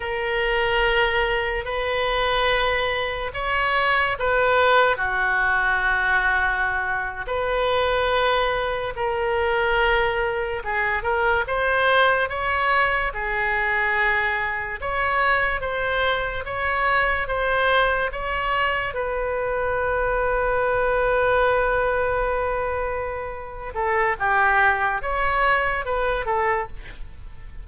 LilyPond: \new Staff \with { instrumentName = "oboe" } { \time 4/4 \tempo 4 = 72 ais'2 b'2 | cis''4 b'4 fis'2~ | fis'8. b'2 ais'4~ ais'16~ | ais'8. gis'8 ais'8 c''4 cis''4 gis'16~ |
gis'4.~ gis'16 cis''4 c''4 cis''16~ | cis''8. c''4 cis''4 b'4~ b'16~ | b'1~ | b'8 a'8 g'4 cis''4 b'8 a'8 | }